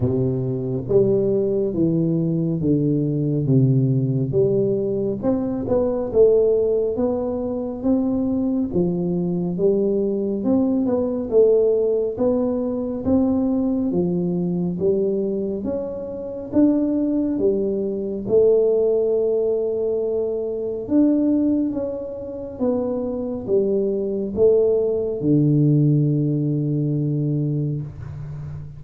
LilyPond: \new Staff \with { instrumentName = "tuba" } { \time 4/4 \tempo 4 = 69 c4 g4 e4 d4 | c4 g4 c'8 b8 a4 | b4 c'4 f4 g4 | c'8 b8 a4 b4 c'4 |
f4 g4 cis'4 d'4 | g4 a2. | d'4 cis'4 b4 g4 | a4 d2. | }